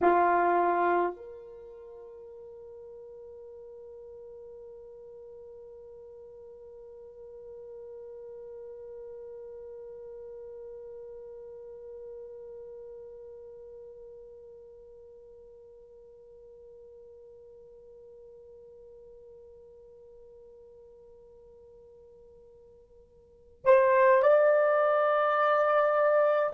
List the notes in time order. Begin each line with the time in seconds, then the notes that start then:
0.01 F4
1.16 A#4
23.64 C5
24.22 D5